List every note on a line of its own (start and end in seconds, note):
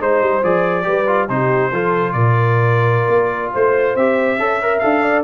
0.00 0.21 G#3
0.00 0.43 D#4
0.00 0.86 C5
0.00 0.44 C5
0.21 0.43 G3
0.43 0.86 F3
0.43 0.83 G#4
0.43 1.29 D5
0.83 1.29 G3
0.83 1.04 G4
0.83 1.29 B4
1.07 1.29 F4
1.29 1.72 C3
1.29 1.72 D#4
1.29 1.72 G4
1.29 2.13 C5
1.72 2.14 F3
1.72 3.98 F4
1.72 2.14 A4
2.13 3.08 A#2
2.13 3.53 A#4
2.13 3.52 D5
3.08 3.51 A#3
3.53 3.96 A3
3.53 4.39 C5
3.53 3.97 C5
3.96 4.38 C4
3.96 4.39 G4
3.96 4.79 E5
4.38 4.81 C#4
4.38 4.61 A4
4.38 5.03 E5
4.63 4.82 A#4
4.79 5.24 D4
4.79 5.24 A4
4.79 5.22 F5
5.03 5.24 D5